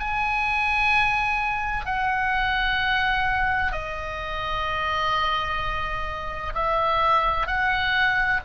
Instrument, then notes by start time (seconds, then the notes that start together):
oboe
0.00 G#5
1.86 F#5
3.72 D#5
6.55 E5
7.47 F#5